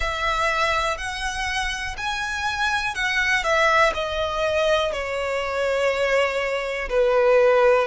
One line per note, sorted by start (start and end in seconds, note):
0.00 0.97 E5
0.97 1.95 F#5
1.97 2.95 G#5
2.95 3.43 F#5
3.43 3.92 E5
3.93 4.92 D#5
4.92 6.89 C#5
6.89 7.87 B4